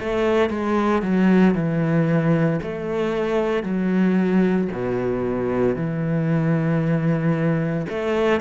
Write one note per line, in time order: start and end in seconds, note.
0.00 0.50 A3
0.50 1.03 G#3
1.03 1.55 F#3
1.55 2.60 E3
2.63 3.64 A3
3.64 4.69 F#3
4.73 5.77 B2
5.77 7.87 E3
7.90 8.41 A3